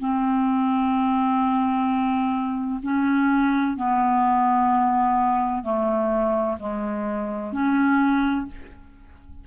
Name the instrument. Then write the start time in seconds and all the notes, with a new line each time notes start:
clarinet
0.00 C4
2.83 C#4
3.77 B3
5.64 A3
6.60 G#3
7.53 C#4